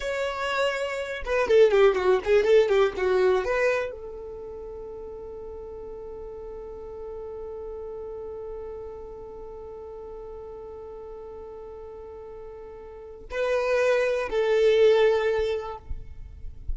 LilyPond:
\new Staff \with { instrumentName = "violin" } { \time 4/4 \tempo 4 = 122 cis''2~ cis''8 b'8 a'8 g'8 | fis'8 gis'8 a'8 g'8 fis'4 b'4 | a'1~ | a'1~ |
a'1~ | a'1~ | a'2. b'4~ | b'4 a'2. | }